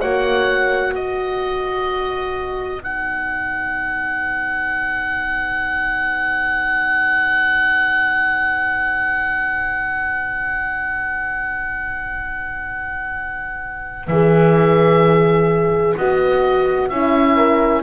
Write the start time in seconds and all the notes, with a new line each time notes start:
0.00 A#3 F#4 C#5 F#5
0.94 B3 B4 D#5
2.82 D#4 F#5
14.07 E3 G#4 E5
15.97 B3 F#4 D#5
16.89 C#4 E4 E5
17.36 A#4